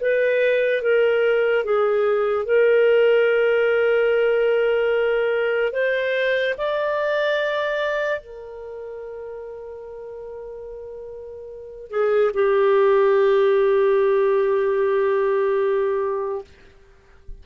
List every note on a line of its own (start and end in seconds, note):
0.00 0.82 B4
0.82 1.64 A#4
1.64 2.45 G#4
2.45 5.72 A#4
5.72 6.54 C5
6.57 8.20 D5
8.20 11.90 A#4
11.90 12.31 G#4
12.33 16.44 G4